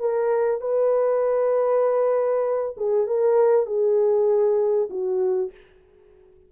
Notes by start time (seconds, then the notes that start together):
0.00 A#4
0.62 B4
2.77 G#4
3.08 A#4
3.67 G#4
4.90 F#4